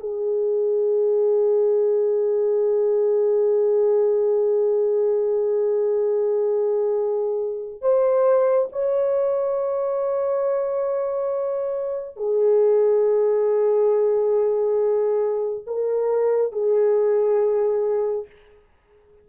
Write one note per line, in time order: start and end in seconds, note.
0.00 7.81 G#4
7.81 8.68 C5
8.72 12.17 C#5
12.17 15.64 G#4
15.67 16.52 A#4
16.52 18.26 G#4